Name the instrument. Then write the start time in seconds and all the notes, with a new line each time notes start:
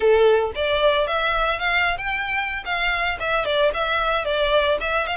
violin
0.00 A4
0.55 D5
1.07 E5
1.59 F5
1.97 G5
2.65 F5
3.19 E5
3.45 D5
3.73 E5
4.25 D5
4.80 E5
5.06 F5